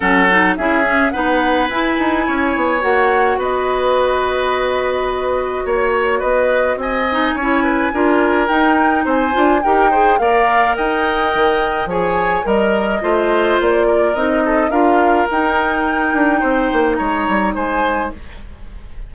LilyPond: <<
  \new Staff \with { instrumentName = "flute" } { \time 4/4 \tempo 4 = 106 fis''4 e''4 fis''4 gis''4~ | gis''4 fis''4 dis''2~ | dis''2 cis''4 dis''4 | gis''2. g''4 |
gis''4 g''4 f''4 g''4~ | g''4 gis''4 dis''2 | d''4 dis''4 f''4 g''4~ | g''2 ais''4 gis''4 | }
  \new Staff \with { instrumentName = "oboe" } { \time 4/4 a'4 gis'4 b'2 | cis''2 b'2~ | b'2 cis''4 b'4 | dis''4 cis''8 b'8 ais'2 |
c''4 ais'8 c''8 d''4 dis''4~ | dis''4 cis''4 ais'4 c''4~ | c''8 ais'4 a'8 ais'2~ | ais'4 c''4 cis''4 c''4 | }
  \new Staff \with { instrumentName = "clarinet" } { \time 4/4 cis'8 dis'8 e'8 cis'8 dis'4 e'4~ | e'4 fis'2.~ | fis'1~ | fis'8 dis'8 e'4 f'4 dis'4~ |
dis'8 f'8 g'8 gis'8 ais'2~ | ais'4 gis'4 ais'4 f'4~ | f'4 dis'4 f'4 dis'4~ | dis'1 | }
  \new Staff \with { instrumentName = "bassoon" } { \time 4/4 fis4 cis'4 b4 e'8 dis'8 | cis'8 b8 ais4 b2~ | b2 ais4 b4 | c'4 cis'4 d'4 dis'4 |
c'8 d'8 dis'4 ais4 dis'4 | dis4 f4 g4 a4 | ais4 c'4 d'4 dis'4~ | dis'8 d'8 c'8 ais8 gis8 g8 gis4 | }
>>